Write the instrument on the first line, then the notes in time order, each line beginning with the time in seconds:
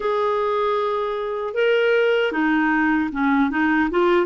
clarinet
0.00 G#4
1.54 A#4
2.32 D#4
3.12 C#4
3.50 D#4
3.90 F4